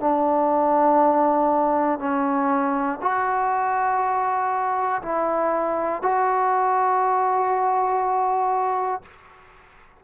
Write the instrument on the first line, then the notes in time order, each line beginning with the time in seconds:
trombone
0.00 D4
1.99 C#4
3.01 F#4
5.02 E4
6.02 F#4